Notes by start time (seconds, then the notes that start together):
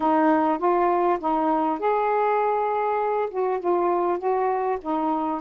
0.00 D#4
0.58 F4
1.19 D#4
1.79 G#4
3.30 F#4
3.59 F4
4.18 F#4
4.81 D#4